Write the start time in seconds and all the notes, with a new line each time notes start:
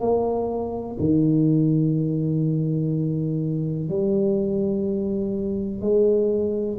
0.00 A#3
0.99 D#3
3.89 G3
5.81 G#3